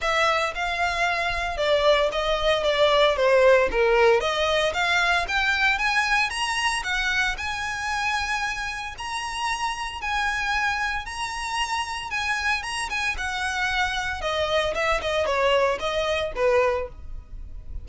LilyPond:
\new Staff \with { instrumentName = "violin" } { \time 4/4 \tempo 4 = 114 e''4 f''2 d''4 | dis''4 d''4 c''4 ais'4 | dis''4 f''4 g''4 gis''4 | ais''4 fis''4 gis''2~ |
gis''4 ais''2 gis''4~ | gis''4 ais''2 gis''4 | ais''8 gis''8 fis''2 dis''4 | e''8 dis''8 cis''4 dis''4 b'4 | }